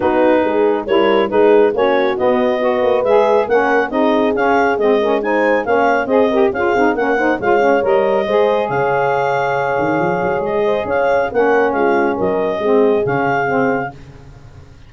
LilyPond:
<<
  \new Staff \with { instrumentName = "clarinet" } { \time 4/4 \tempo 4 = 138 b'2 cis''4 b'4 | cis''4 dis''2 e''4 | fis''4 dis''4 f''4 dis''4 | gis''4 f''4 dis''4 f''4 |
fis''4 f''4 dis''2 | f''1 | dis''4 f''4 fis''4 f''4 | dis''2 f''2 | }
  \new Staff \with { instrumentName = "horn" } { \time 4/4 fis'4 gis'4 ais'4 gis'4 | fis'2 b'2 | ais'4 gis'2~ gis'8 ais'8 | c''4 cis''4 c''8 ais'8 gis'4 |
ais'8 c''8 cis''2 c''4 | cis''1~ | cis''8 c''8 cis''4 ais'4 f'4 | ais'4 gis'2. | }
  \new Staff \with { instrumentName = "saxophone" } { \time 4/4 dis'2 e'4 dis'4 | cis'4 b4 fis'4 gis'4 | cis'4 dis'4 cis'4 c'8 cis'8 | dis'4 cis'4 gis'8 g'8 f'8 dis'8 |
cis'8 dis'8 f'8 cis'8 ais'4 gis'4~ | gis'1~ | gis'2 cis'2~ | cis'4 c'4 cis'4 c'4 | }
  \new Staff \with { instrumentName = "tuba" } { \time 4/4 b4 gis4 g4 gis4 | ais4 b4. ais8 gis4 | ais4 c'4 cis'4 gis4~ | gis4 ais4 c'4 cis'8 c'8 |
ais4 gis4 g4 gis4 | cis2~ cis8 dis8 f8 fis8 | gis4 cis'4 ais4 gis4 | fis4 gis4 cis2 | }
>>